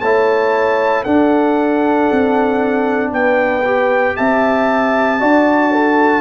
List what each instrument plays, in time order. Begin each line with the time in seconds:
0.00 tuba A3, trombone E4, horn C#5, trumpet A5
1.03 trombone D4, tuba D4, horn A4, trumpet F#5
2.11 tuba C4
3.11 tuba B3, horn B4, trumpet G5
3.65 trombone G4
4.17 tuba C4, horn E5, trumpet A5
5.20 tuba D4, trombone F#4, horn D5
5.72 horn A4